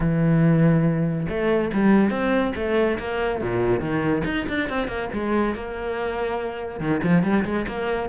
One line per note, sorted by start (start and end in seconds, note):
0.00 1.26 E3
1.28 1.71 A3
1.73 2.10 G3
2.10 2.52 C4
2.55 2.98 A3
2.99 3.41 A#3
3.41 3.80 A#2
3.80 4.22 D#3
4.25 4.46 D#4
4.48 4.69 D4
4.69 4.87 C4
4.87 5.09 A#3
5.13 5.54 G#3
5.54 6.80 A#3
6.80 7.01 D#3
7.03 7.23 F3
7.23 7.44 G3
7.44 7.66 G#3
7.67 8.09 A#3